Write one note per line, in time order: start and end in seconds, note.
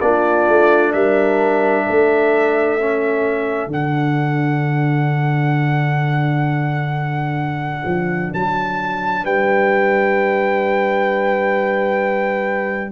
0.00 0.47 A#3
0.00 2.79 D4
0.00 0.94 F4
0.00 0.92 D5
0.48 0.93 A3
0.93 1.86 G3
0.93 1.85 A#4
0.93 3.70 E5
1.85 3.67 A3
1.85 9.23 A4
2.79 3.69 C#4
3.67 7.82 D3
3.67 12.92 D4
3.67 8.33 F#5
7.85 8.31 F3
8.33 9.24 F#3
8.33 9.25 A5
9.23 12.92 G3
9.23 12.92 B4
9.23 12.92 G5